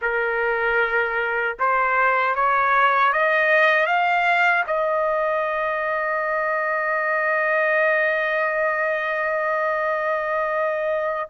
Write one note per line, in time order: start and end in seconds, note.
0.01 1.57 A#4
1.59 2.35 C5
2.35 3.12 C#5
3.12 3.86 D#5
3.86 4.64 F5
4.66 11.29 D#5